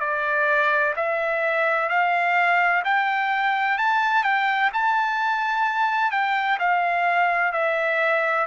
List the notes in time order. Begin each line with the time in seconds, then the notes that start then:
0.00 D5
0.96 E5
1.89 F5
2.84 G5
3.78 A5
4.24 G5
4.73 A5
6.11 G5
6.59 F5
7.53 E5